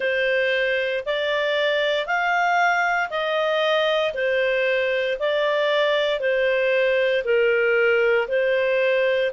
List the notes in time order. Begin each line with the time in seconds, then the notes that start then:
0.00 C5
1.05 D5
2.06 F5
3.10 D#5
4.14 C5
5.19 D5
6.20 C5
7.24 A#4
8.28 C5